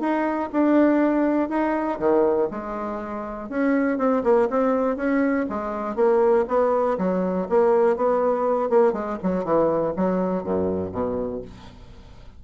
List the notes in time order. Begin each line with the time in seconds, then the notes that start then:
0.00 D#4
0.52 D4
1.49 D#4
1.99 D#3
2.51 G#3
3.49 C#4
3.98 C4
4.24 A#3
4.50 C4
4.96 C#4
5.50 G#3
5.96 A#3
6.48 B3
6.98 F#3
7.49 A#3
7.96 B3
8.70 A#3
8.93 G#3
9.23 F#3
9.44 E3
9.96 F#3
10.44 F#2
10.92 B2